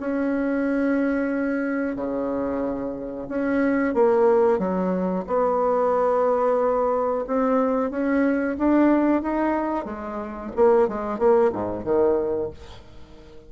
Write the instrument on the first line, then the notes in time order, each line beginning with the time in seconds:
bassoon
0.00 C#4
1.96 C#3
3.28 C#4
3.94 A#3
4.59 F#3
5.27 B3
7.27 C4
7.91 C#4
8.58 D4
9.22 D#4
9.85 G#3
10.56 A#3
10.88 G#3
11.18 A#3
11.52 G#2
11.84 D#3